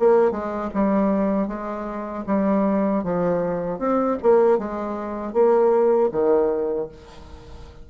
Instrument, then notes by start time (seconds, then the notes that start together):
bassoon
0.00 A#3
0.31 G#3
0.74 G3
1.48 G#3
2.27 G3
3.04 F3
3.79 C4
4.23 A#3
4.59 G#3
5.33 A#3
6.12 D#3